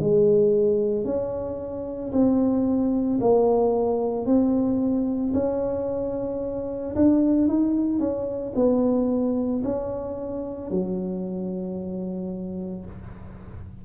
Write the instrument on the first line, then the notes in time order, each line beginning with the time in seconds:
tuba
0.00 G#3
1.05 C#4
2.13 C4
3.21 A#3
4.26 C4
5.34 C#4
6.95 D4
7.48 D#4
8.00 C#4
8.56 B3
9.64 C#4
10.71 F#3